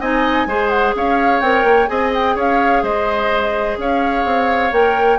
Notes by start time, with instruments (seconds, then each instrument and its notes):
0.00 bassoon C4, clarinet D#4, oboe D#5, flute G#5
0.46 bassoon G#3, clarinet G#4, oboe C5
0.69 flute F#5
0.95 bassoon C#4, oboe C#5, flute F5
1.40 bassoon C4, clarinet A#4, flute G5
1.64 bassoon A#3
1.87 bassoon C4, clarinet G#4, oboe D#5, flute G#5
2.13 flute G5
2.35 bassoon C#4, oboe C#5, flute F5
2.83 bassoon G#3, oboe C5, flute D#5
3.77 bassoon C#4, oboe C#5, flute F5
4.25 bassoon C4
4.72 bassoon A#3, clarinet A#4, flute G5